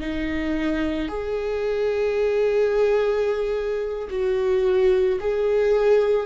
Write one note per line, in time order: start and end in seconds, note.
0.00 1.09 D#4
1.09 4.09 G#4
4.10 5.19 F#4
5.20 6.26 G#4